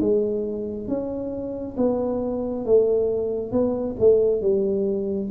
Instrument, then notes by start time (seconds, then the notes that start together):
tuba
0.00 G#3
0.87 C#4
1.77 B3
2.65 A3
3.52 B3
3.99 A3
4.41 G3